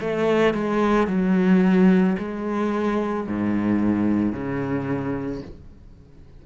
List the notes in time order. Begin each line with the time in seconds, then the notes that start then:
0.00 A3
0.54 G#3
1.07 F#3
2.18 G#3
3.27 G#2
4.32 C#3